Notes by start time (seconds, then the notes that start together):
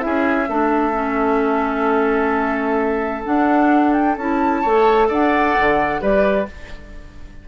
0.00 E4 G#4 E5
0.06 C#4
0.49 A3 D4 A4
0.93 C#4
3.25 D4 F#5
3.94 G5
4.17 C#4 E4 A5
4.62 A3 A4 C#5
5.09 D4 D5 F#5
5.60 D3
6.00 G3 G4 B4 D5